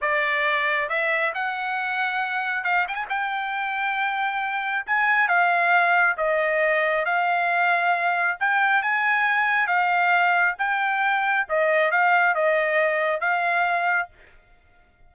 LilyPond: \new Staff \with { instrumentName = "trumpet" } { \time 4/4 \tempo 4 = 136 d''2 e''4 fis''4~ | fis''2 f''8 g''16 gis''16 g''4~ | g''2. gis''4 | f''2 dis''2 |
f''2. g''4 | gis''2 f''2 | g''2 dis''4 f''4 | dis''2 f''2 | }